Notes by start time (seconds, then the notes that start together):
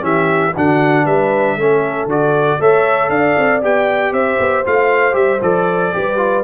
0.00 E3 C#4 G4 E5
0.54 D3 D4 F#4 F#5
1.04 G3 B4 E5
1.57 A3 C#4 A4
2.06 D3 F#4 D5
2.59 A3 A4 C#5 E5
3.09 D4 D5 F5
3.38 C4
3.62 B3 G4 G5
4.12 C4 C5 E5
4.39 B3
4.65 A3 F4 F5
5.12 G3 G4 E5
5.41 F3 A4 D5
5.93 G3 G4 B4
6.17 F4